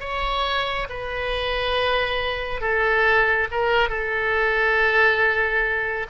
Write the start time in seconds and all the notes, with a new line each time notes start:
0.00 C#5
0.89 B4
2.60 A4
3.51 A#4
3.89 A4